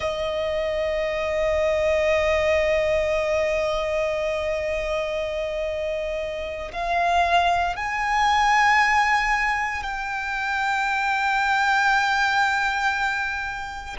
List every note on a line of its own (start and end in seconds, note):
0.00 6.71 D#5
6.72 7.75 F5
7.75 9.82 G#5
9.82 13.96 G5